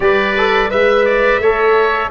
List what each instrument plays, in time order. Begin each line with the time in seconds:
0.00 tuba G3, trombone G4, oboe B4, trumpet D5
0.37 trombone A4
0.69 tuba G#3, trombone B4, trumpet E5, oboe E5
1.05 oboe D5
1.39 tuba A3, trombone A4, oboe C#5